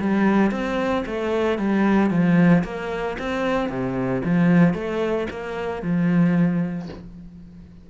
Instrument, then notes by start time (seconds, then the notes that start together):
cello
0.00 G3
0.51 C4
1.06 A3
1.59 G3
2.10 F3
2.64 A#3
3.19 C4
3.69 C3
4.24 F3
4.74 A3
5.30 A#3
5.82 F3